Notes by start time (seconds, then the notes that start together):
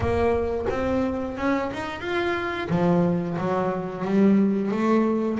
0.00 A#3
0.69 C4
1.37 C#4
1.73 D#4
2.00 F4
2.69 F3
3.37 F#3
4.04 G3
4.71 A3